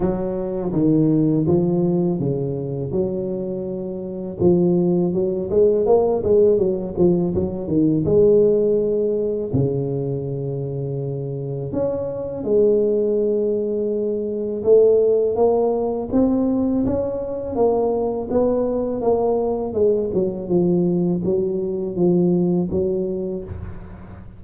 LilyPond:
\new Staff \with { instrumentName = "tuba" } { \time 4/4 \tempo 4 = 82 fis4 dis4 f4 cis4 | fis2 f4 fis8 gis8 | ais8 gis8 fis8 f8 fis8 dis8 gis4~ | gis4 cis2. |
cis'4 gis2. | a4 ais4 c'4 cis'4 | ais4 b4 ais4 gis8 fis8 | f4 fis4 f4 fis4 | }